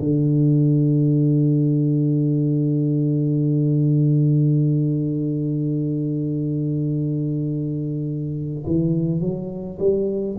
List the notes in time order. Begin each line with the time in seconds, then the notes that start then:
0.00 D3
8.66 E3
9.21 F#3
9.79 G3